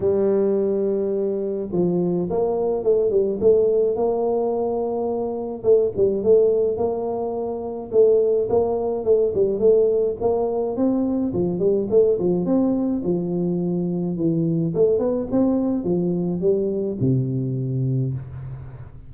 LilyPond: \new Staff \with { instrumentName = "tuba" } { \time 4/4 \tempo 4 = 106 g2. f4 | ais4 a8 g8 a4 ais4~ | ais2 a8 g8 a4 | ais2 a4 ais4 |
a8 g8 a4 ais4 c'4 | f8 g8 a8 f8 c'4 f4~ | f4 e4 a8 b8 c'4 | f4 g4 c2 | }